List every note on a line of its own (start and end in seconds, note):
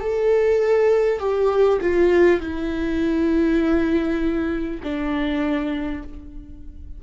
0.00 1.19 A4
1.19 1.79 G4
1.81 2.40 F4
2.40 4.80 E4
4.83 6.03 D4